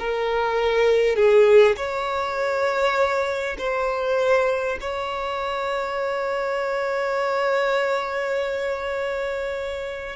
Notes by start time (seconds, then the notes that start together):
0.00 A#4
1.16 G#4
1.77 C#5
3.58 C5
4.81 C#5